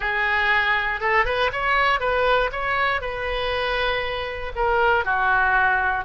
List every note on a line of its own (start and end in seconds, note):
0.00 1.00 G#4
1.00 1.25 A4
1.25 1.50 B4
1.52 1.99 C#5
1.99 2.50 B4
2.51 3.01 C#5
3.01 4.52 B4
4.55 5.04 A#4
5.04 6.04 F#4